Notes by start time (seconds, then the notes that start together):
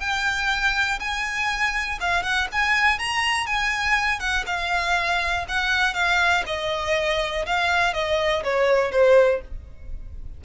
0.00 G5
0.99 G#5
2.00 F5
2.23 F#5
2.52 G#5
2.98 A#5
3.46 G#5
4.19 F#5
4.46 F5
5.48 F#5
5.94 F5
6.46 D#5
7.46 F5
7.94 D#5
8.44 C#5
8.92 C5